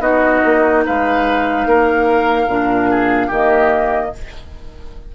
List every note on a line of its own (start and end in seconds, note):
0.00 0.41 B3
0.00 2.47 D#4
0.00 0.85 F#4
0.00 0.84 D#5
0.45 0.86 A#3
0.86 1.66 G#3
0.86 1.68 B4
0.86 3.33 F5
1.66 2.47 A#3
1.66 2.91 A#4
2.47 3.30 A#2
2.47 3.32 D4
2.91 3.27 G#4
3.27 4.13 D#3
3.27 4.14 A#3
3.27 4.10 G4
3.27 4.16 D#5